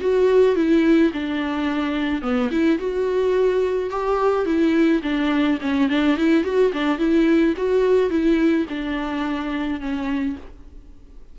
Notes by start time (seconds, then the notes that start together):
0.00 F#4
0.55 E4
1.13 D4
2.22 B3
2.51 E4
2.79 F#4
3.90 G4
4.46 E4
5.03 D4
5.61 C#4
5.89 D4
6.17 E4
6.44 F#4
6.72 D4
6.98 E4
7.56 F#4
8.10 E4
8.69 D4
9.80 C#4